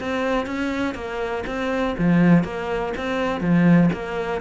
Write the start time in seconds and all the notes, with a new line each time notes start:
0.00 C4
0.46 C#4
0.95 A#3
1.47 C4
1.99 F3
2.44 A#3
2.97 C4
3.41 F3
3.93 A#3